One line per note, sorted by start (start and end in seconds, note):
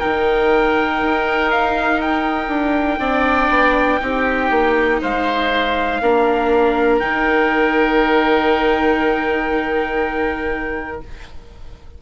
0.00 1.02 D#3
0.00 3.00 D#4
0.00 3.00 A#4
0.00 1.51 G5
1.02 2.48 D#4
1.51 2.01 F5
2.01 5.01 G5
2.48 2.98 D4
3.00 3.50 C4
3.00 4.00 D4
3.00 4.00 D5
3.50 4.00 B3
4.01 4.51 C4
4.01 6.01 D#4
4.01 5.01 G4
4.51 5.01 A#3
5.01 6.01 G#3
5.01 6.01 C5
5.01 6.99 F5
6.01 7.01 A#3
6.01 7.01 D4
6.01 11.02 A#4
6.99 11.02 D#3
6.99 11.01 D#4
6.99 10.99 G5